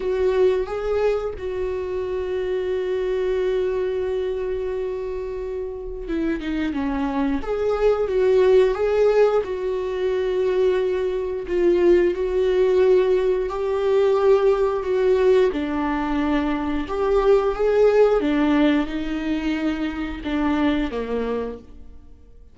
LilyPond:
\new Staff \with { instrumentName = "viola" } { \time 4/4 \tempo 4 = 89 fis'4 gis'4 fis'2~ | fis'1~ | fis'4 e'8 dis'8 cis'4 gis'4 | fis'4 gis'4 fis'2~ |
fis'4 f'4 fis'2 | g'2 fis'4 d'4~ | d'4 g'4 gis'4 d'4 | dis'2 d'4 ais4 | }